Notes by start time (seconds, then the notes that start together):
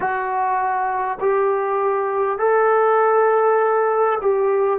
0.00 F#4
1.20 G4
2.38 A4
4.21 G4